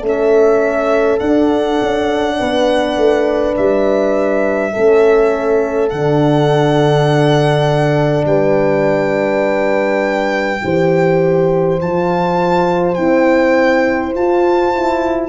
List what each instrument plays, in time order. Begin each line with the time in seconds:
0.00 tuba A3, horn C#4 A4
0.09 violin E5
1.19 horn D4, tuba D4, violin F#5
1.82 tuba C#4
2.39 tuba B3, horn B4
2.97 tuba A3
3.57 tuba G3, violin E5
4.73 tuba A3, horn C#4 A4
5.89 tuba D3, horn D4, violin F#5
8.26 tuba G3, horn B4, violin G5
10.63 tuba E3, horn G4 C5
11.81 tuba F3, horn F4, violin A5
12.95 horn C4, tuba E4, violin G5
14.15 tuba F4, horn F4, violin A5
14.75 horn E4